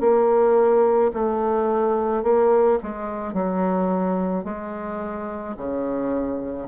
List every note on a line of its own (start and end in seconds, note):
0.00 1.11 A#3
1.13 2.23 A3
2.23 2.78 A#3
2.82 3.33 G#3
3.33 4.44 F#3
4.44 5.55 G#3
5.57 6.68 C#3